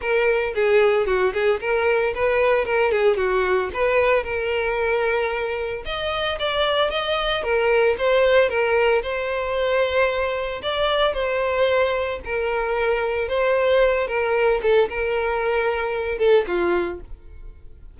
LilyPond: \new Staff \with { instrumentName = "violin" } { \time 4/4 \tempo 4 = 113 ais'4 gis'4 fis'8 gis'8 ais'4 | b'4 ais'8 gis'8 fis'4 b'4 | ais'2. dis''4 | d''4 dis''4 ais'4 c''4 |
ais'4 c''2. | d''4 c''2 ais'4~ | ais'4 c''4. ais'4 a'8 | ais'2~ ais'8 a'8 f'4 | }